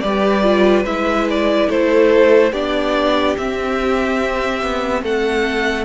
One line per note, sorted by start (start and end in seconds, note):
0.00 0.84 G3
0.00 0.43 G4
0.00 1.69 B4
0.00 0.83 D5
0.43 0.85 F4
0.84 1.68 G#3
0.84 2.52 E4
0.84 1.28 E5
1.30 1.70 D5
1.69 2.52 A3
1.69 2.52 A4
1.69 2.53 C5
2.52 3.35 B3
2.52 3.37 D4
2.52 5.02 G4
2.52 3.36 D5
3.37 5.85 C4
3.37 4.62 C4
3.37 5.04 E5
4.62 5.03 B3
5.03 5.85 A3
5.03 5.85 A4
5.03 5.85 F#5